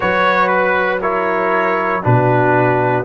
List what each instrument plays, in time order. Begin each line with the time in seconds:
0.00 tuba F#3, trombone F#4, horn B4, trumpet C#5
0.47 trumpet B4
1.01 trombone E4, horn A#4, trumpet C#5
2.02 tuba B2, trombone D4, horn F#4, trumpet B4